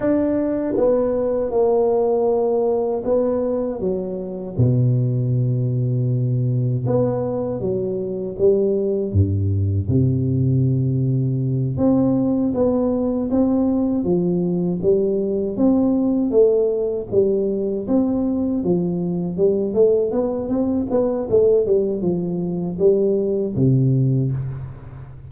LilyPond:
\new Staff \with { instrumentName = "tuba" } { \time 4/4 \tempo 4 = 79 d'4 b4 ais2 | b4 fis4 b,2~ | b,4 b4 fis4 g4 | g,4 c2~ c8 c'8~ |
c'8 b4 c'4 f4 g8~ | g8 c'4 a4 g4 c'8~ | c'8 f4 g8 a8 b8 c'8 b8 | a8 g8 f4 g4 c4 | }